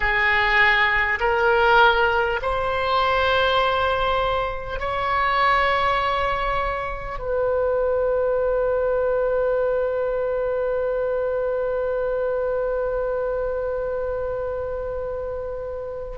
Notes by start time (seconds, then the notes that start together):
0.00 G#4
1.20 A#4
2.42 C5
4.79 C#5
7.18 B4